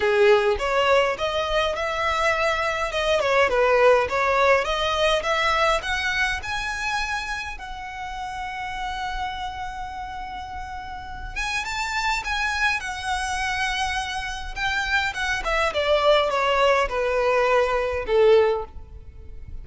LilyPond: \new Staff \with { instrumentName = "violin" } { \time 4/4 \tempo 4 = 103 gis'4 cis''4 dis''4 e''4~ | e''4 dis''8 cis''8 b'4 cis''4 | dis''4 e''4 fis''4 gis''4~ | gis''4 fis''2.~ |
fis''2.~ fis''8 gis''8 | a''4 gis''4 fis''2~ | fis''4 g''4 fis''8 e''8 d''4 | cis''4 b'2 a'4 | }